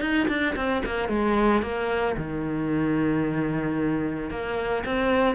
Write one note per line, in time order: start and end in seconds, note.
0.00 0.27 D#4
0.28 0.55 D4
0.55 0.82 C4
0.85 1.08 A#3
1.08 1.62 G#3
1.62 2.15 A#3
2.16 4.30 D#3
4.30 4.83 A#3
4.85 5.35 C4